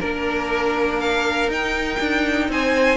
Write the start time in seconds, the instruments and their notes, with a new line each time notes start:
0.00 cello A#3, viola D4, violin A#4
1.00 violin F5
1.48 cello D#4, viola D#4, violin G5
2.00 cello D4
2.49 cello C4, violin C5 G#5